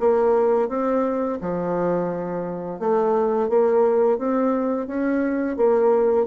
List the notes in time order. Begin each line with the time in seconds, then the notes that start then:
0.00 A#3
0.69 C4
1.41 F3
2.79 A3
3.49 A#3
4.18 C4
4.87 C#4
5.57 A#3